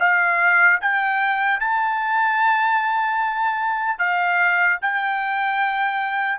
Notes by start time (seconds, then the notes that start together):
0.00 F5
0.81 G5
1.60 A5
3.99 F5
4.82 G5